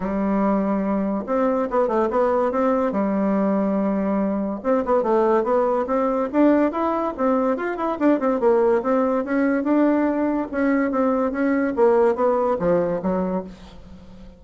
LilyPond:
\new Staff \with { instrumentName = "bassoon" } { \time 4/4 \tempo 4 = 143 g2. c'4 | b8 a8 b4 c'4 g4~ | g2. c'8 b8 | a4 b4 c'4 d'4 |
e'4 c'4 f'8 e'8 d'8 c'8 | ais4 c'4 cis'4 d'4~ | d'4 cis'4 c'4 cis'4 | ais4 b4 f4 fis4 | }